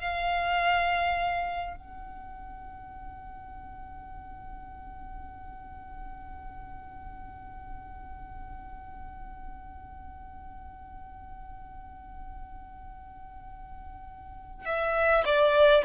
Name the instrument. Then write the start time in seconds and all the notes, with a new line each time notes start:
violin
0.00 F5
1.76 F#5
14.66 E5
15.25 D5